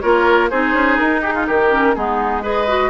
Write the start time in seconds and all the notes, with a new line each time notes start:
0.00 A#3 F4 A#4 C#5
0.50 C4 D#4 G#4 C5
0.73 C#4
0.97 D#4 A#4
1.21 G4 G#4
1.34 F4
1.47 D#3 G4 A#4
1.70 C#4
1.95 G#3 B3 D#4 G#4
2.42 G#4 B4 D#5
2.67 F#4